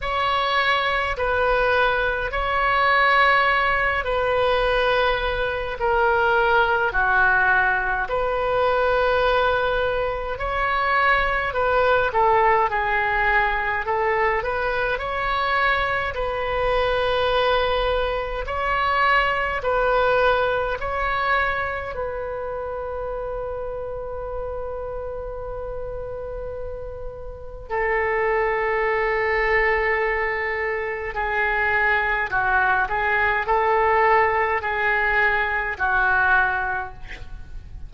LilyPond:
\new Staff \with { instrumentName = "oboe" } { \time 4/4 \tempo 4 = 52 cis''4 b'4 cis''4. b'8~ | b'4 ais'4 fis'4 b'4~ | b'4 cis''4 b'8 a'8 gis'4 | a'8 b'8 cis''4 b'2 |
cis''4 b'4 cis''4 b'4~ | b'1 | a'2. gis'4 | fis'8 gis'8 a'4 gis'4 fis'4 | }